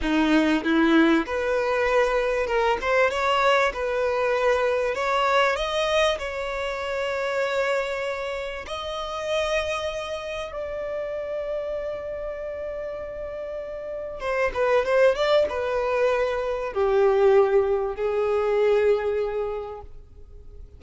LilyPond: \new Staff \with { instrumentName = "violin" } { \time 4/4 \tempo 4 = 97 dis'4 e'4 b'2 | ais'8 c''8 cis''4 b'2 | cis''4 dis''4 cis''2~ | cis''2 dis''2~ |
dis''4 d''2.~ | d''2. c''8 b'8 | c''8 d''8 b'2 g'4~ | g'4 gis'2. | }